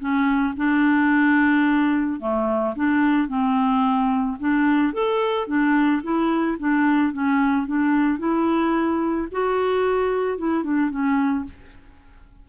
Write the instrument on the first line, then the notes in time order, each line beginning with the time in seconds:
clarinet
0.00 C#4
0.57 D4
2.20 A3
2.76 D4
3.29 C4
4.40 D4
4.93 A4
5.48 D4
6.03 E4
6.60 D4
7.13 C#4
7.67 D4
8.19 E4
9.32 F#4
10.38 E4
10.64 D4
10.91 C#4